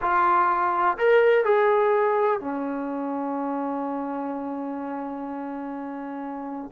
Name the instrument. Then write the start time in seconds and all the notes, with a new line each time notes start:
trombone
0.01 F4
0.98 A#4
1.44 G#4
2.40 C#4